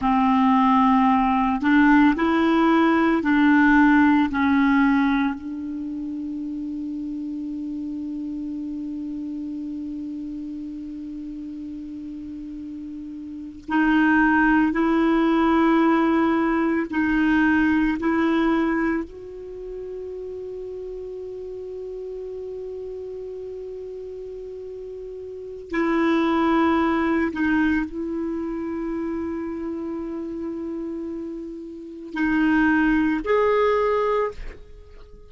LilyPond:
\new Staff \with { instrumentName = "clarinet" } { \time 4/4 \tempo 4 = 56 c'4. d'8 e'4 d'4 | cis'4 d'2.~ | d'1~ | d'8. dis'4 e'2 dis'16~ |
dis'8. e'4 fis'2~ fis'16~ | fis'1 | e'4. dis'8 e'2~ | e'2 dis'4 gis'4 | }